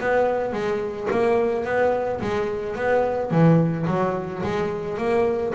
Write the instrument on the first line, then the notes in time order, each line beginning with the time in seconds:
double bass
0.00 B3
0.53 G#3
1.10 A#3
1.64 B3
2.20 G#3
2.76 B3
3.31 E3
3.87 F#3
4.43 G#3
4.97 A#3